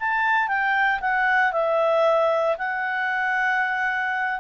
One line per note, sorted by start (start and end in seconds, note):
0.00 0.48 A5
0.48 1.00 G5
1.01 1.52 F#5
1.52 2.57 E5
2.58 4.40 F#5